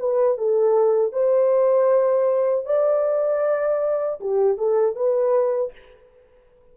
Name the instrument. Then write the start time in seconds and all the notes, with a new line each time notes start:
horn
0.00 B4
0.38 A4
1.13 C5
2.66 D5
4.21 G4
4.58 A4
4.96 B4